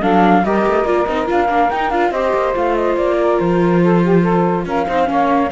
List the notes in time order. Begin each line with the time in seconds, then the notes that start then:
0.00 F#3 D4 A4 F5
0.44 G3 G4 A#4 D#5
0.67 A3
0.84 A#3 F4 D5
1.06 C4 D#4 D#5
1.26 D4 F4 F5
1.48 A#3 D4
1.70 D#4 G5
1.90 D4 F4 F5
2.10 C4 G4 C5 D#5
2.33 A#3
2.54 A3 F4 F5
2.75 D#5
2.96 A#3 D5
3.19 A#4
3.39 F3 C5
3.82 A4
4.02 G4
4.21 A4
4.65 C#4 A#4 F5
4.86 C4 D#4 C5
5.05 A#3 C#4 C#5